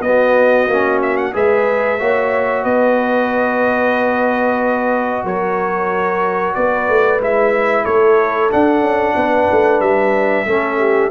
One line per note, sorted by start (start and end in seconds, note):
0.00 0.65 B3
0.00 0.70 B3
0.00 1.34 F#4
0.00 0.99 D#5
0.67 1.32 A#3
0.67 1.33 C#4
1.02 1.17 E5
1.17 1.33 F#5
1.33 2.00 G#3
1.33 1.98 G#4
1.33 1.99 B4
1.33 2.64 E5
1.99 2.65 A#3
1.99 7.20 F#4
1.99 2.64 C#5
2.64 5.24 B3
2.64 5.24 B4
2.64 5.25 D#5
5.24 6.55 F#3
5.24 6.55 A#4
5.24 6.55 C#5
6.55 6.89 B3
6.55 7.83 B4
6.55 7.20 D5
6.89 7.20 A3
7.20 7.85 G#3
7.20 8.50 E4
7.20 7.85 E5
7.83 8.51 A3
7.83 9.14 A4
7.83 8.50 C#5
8.50 10.46 D4
8.50 8.80 D4
8.50 9.80 F#5
8.80 9.13 C#4
9.15 9.48 B3
9.15 10.46 B4
9.51 9.80 A3
9.80 10.45 G3
9.80 11.11 E5
10.46 11.11 A3
10.46 11.11 C#4
10.46 10.78 A4
10.78 11.11 G4